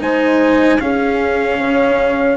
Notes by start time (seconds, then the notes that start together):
0.00 G#3 D#4 C5 G#5
0.80 C#4 G#4 F5
1.59 C#3 C#5